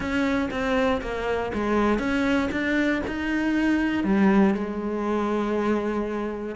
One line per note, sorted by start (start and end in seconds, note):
0.00 0.49 C#4
0.50 1.01 C4
1.01 1.51 A#3
1.54 1.98 G#3
1.98 2.49 C#4
2.51 3.02 D4
3.07 4.04 D#4
4.04 4.54 G3
4.54 6.55 G#3